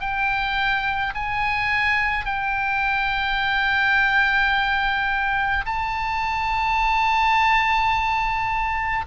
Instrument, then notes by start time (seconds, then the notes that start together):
oboe
0.00 G5
1.15 G#5
2.25 G5
5.66 A5